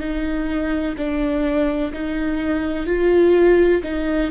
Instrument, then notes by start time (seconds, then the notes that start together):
viola
0.00 D#4
0.97 D4
1.93 D#4
2.87 F4
3.83 D#4